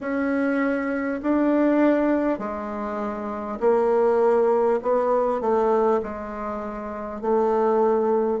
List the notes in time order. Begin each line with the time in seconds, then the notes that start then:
0.01 C#4
1.22 D4
2.38 G#3
3.60 A#3
4.82 B3
5.40 A3
6.03 G#3
7.21 A3